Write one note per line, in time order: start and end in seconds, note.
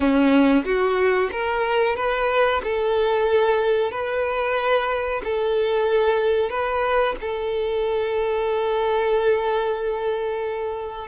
0.00 0.64 C#4
0.64 1.30 F#4
1.32 1.96 A#4
1.96 2.61 B4
2.63 3.91 A4
3.91 5.21 B4
5.24 6.50 A4
6.50 7.15 B4
7.21 11.07 A4